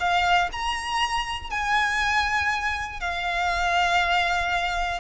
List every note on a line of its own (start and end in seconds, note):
0.00 0.50 F5
0.52 1.50 A#5
1.50 3.00 G#5
3.00 5.00 F5